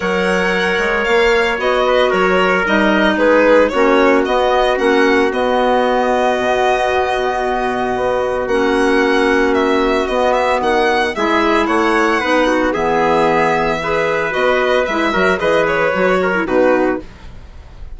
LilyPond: <<
  \new Staff \with { instrumentName = "violin" } { \time 4/4 \tempo 4 = 113 fis''2 f''4 dis''4 | cis''4 dis''4 b'4 cis''4 | dis''4 fis''4 dis''2~ | dis''1 |
fis''2 e''4 dis''8 e''8 | fis''4 e''4 fis''2 | e''2. dis''4 | e''4 dis''8 cis''4. b'4 | }
  \new Staff \with { instrumentName = "trumpet" } { \time 4/4 cis''2.~ cis''8 b'8 | ais'2 gis'4 fis'4~ | fis'1~ | fis'1~ |
fis'1~ | fis'4 gis'4 cis''4 b'8 fis'8 | gis'2 b'2~ | b'8 ais'8 b'4. ais'8 fis'4 | }
  \new Staff \with { instrumentName = "clarinet" } { \time 4/4 ais'2. fis'4~ | fis'4 dis'2 cis'4 | b4 cis'4 b2~ | b1 |
cis'2. b4~ | b4 e'2 dis'4 | b2 gis'4 fis'4 | e'8 fis'8 gis'4 fis'8. e'16 dis'4 | }
  \new Staff \with { instrumentName = "bassoon" } { \time 4/4 fis4. gis8 ais4 b4 | fis4 g4 gis4 ais4 | b4 ais4 b2 | b,2. b4 |
ais2. b4 | dis4 gis4 a4 b4 | e2. b4 | gis8 fis8 e4 fis4 b,4 | }
>>